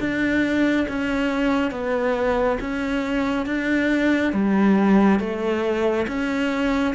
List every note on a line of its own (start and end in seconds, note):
0.00 0.87 D4
0.89 1.72 C#4
1.72 2.58 B3
2.60 3.46 C#4
3.46 4.33 D4
4.33 5.20 G3
5.20 6.07 A3
6.08 6.94 C#4